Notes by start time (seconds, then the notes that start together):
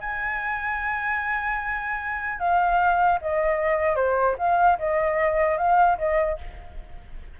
0.00 G#5
2.39 F5
3.21 D#5
3.96 C5
4.38 F5
4.78 D#5
5.57 F5
5.98 D#5